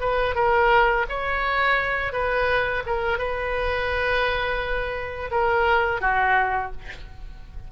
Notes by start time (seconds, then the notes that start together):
0.00 B4
0.35 A#4
1.08 C#5
2.12 B4
2.86 A#4
3.18 B4
5.31 A#4
6.01 F#4